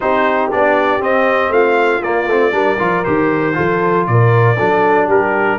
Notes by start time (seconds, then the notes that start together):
0.00 C4 D#4 G4 C5
0.51 B3 D4 D5
0.99 C4 D#5
1.49 A3 F4 F5
2.02 A#3 D5
2.27 A3 C4
2.51 G3 D4 A#4
2.78 F3 F4
3.04 D#3 G4 C5
3.53 F3 F4 A4
4.06 A#2 A#4 D5
4.56 F#3 D4 A4
5.06 G3 G4 A#4